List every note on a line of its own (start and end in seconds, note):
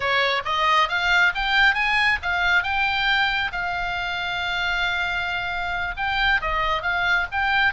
0.00 0.42 C#5
0.45 0.88 D#5
0.88 1.32 F5
1.35 1.74 G5
1.74 2.18 G#5
2.22 2.63 F5
2.63 3.51 G5
3.52 5.94 F5
5.96 6.41 G5
6.41 6.82 D#5
6.82 7.26 F5
7.31 7.73 G5